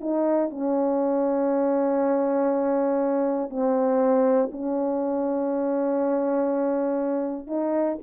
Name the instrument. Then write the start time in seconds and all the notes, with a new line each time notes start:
horn
0.00 D#4
0.50 C#4
3.50 C4
4.51 C#4
7.47 D#4